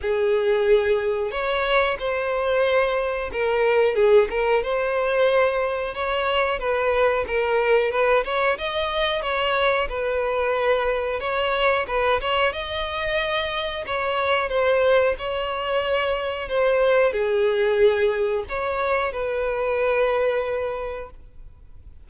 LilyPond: \new Staff \with { instrumentName = "violin" } { \time 4/4 \tempo 4 = 91 gis'2 cis''4 c''4~ | c''4 ais'4 gis'8 ais'8 c''4~ | c''4 cis''4 b'4 ais'4 | b'8 cis''8 dis''4 cis''4 b'4~ |
b'4 cis''4 b'8 cis''8 dis''4~ | dis''4 cis''4 c''4 cis''4~ | cis''4 c''4 gis'2 | cis''4 b'2. | }